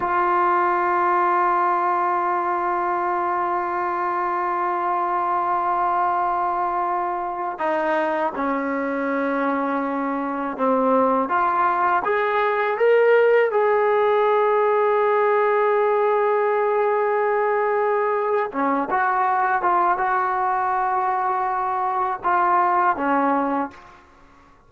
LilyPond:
\new Staff \with { instrumentName = "trombone" } { \time 4/4 \tempo 4 = 81 f'1~ | f'1~ | f'2~ f'16 dis'4 cis'8.~ | cis'2~ cis'16 c'4 f'8.~ |
f'16 gis'4 ais'4 gis'4.~ gis'16~ | gis'1~ | gis'4 cis'8 fis'4 f'8 fis'4~ | fis'2 f'4 cis'4 | }